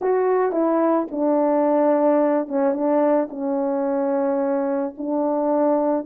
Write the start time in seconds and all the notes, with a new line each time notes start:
0.01 F#4
0.52 E4
1.11 D4
2.48 C#4
2.73 D4
3.30 C#4
4.97 D4